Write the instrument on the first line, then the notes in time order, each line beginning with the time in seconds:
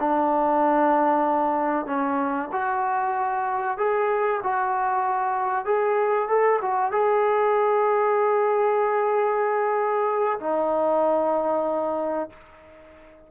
trombone
0.00 D4
1.87 C#4
2.52 F#4
3.78 G#4
4.44 F#4
5.66 G#4
6.29 A4
6.62 F#4
6.92 G#4
10.40 D#4